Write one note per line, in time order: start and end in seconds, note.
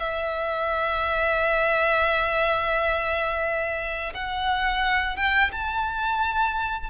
0.00 4.14 E5
4.14 5.17 F#5
5.17 5.51 G5
5.53 6.90 A5